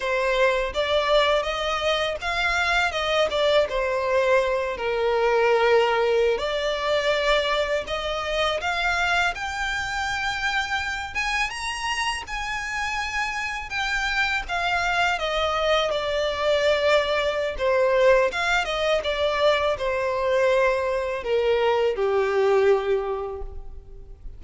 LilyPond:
\new Staff \with { instrumentName = "violin" } { \time 4/4 \tempo 4 = 82 c''4 d''4 dis''4 f''4 | dis''8 d''8 c''4. ais'4.~ | ais'8. d''2 dis''4 f''16~ | f''8. g''2~ g''8 gis''8 ais''16~ |
ais''8. gis''2 g''4 f''16~ | f''8. dis''4 d''2~ d''16 | c''4 f''8 dis''8 d''4 c''4~ | c''4 ais'4 g'2 | }